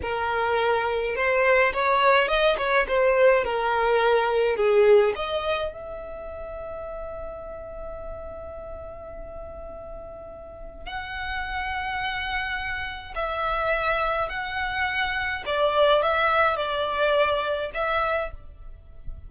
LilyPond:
\new Staff \with { instrumentName = "violin" } { \time 4/4 \tempo 4 = 105 ais'2 c''4 cis''4 | dis''8 cis''8 c''4 ais'2 | gis'4 dis''4 e''2~ | e''1~ |
e''2. fis''4~ | fis''2. e''4~ | e''4 fis''2 d''4 | e''4 d''2 e''4 | }